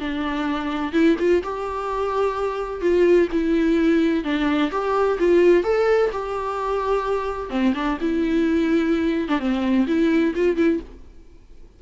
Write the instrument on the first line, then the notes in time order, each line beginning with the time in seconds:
viola
0.00 D4
0.93 E4
1.19 F4
1.43 G4
2.81 F4
3.32 E4
4.24 D4
4.71 G4
5.19 F4
5.64 A4
6.12 G4
7.50 C4
7.75 D4
8.01 E4
9.29 D4
9.39 C4
9.87 E4
10.36 F4
10.57 E4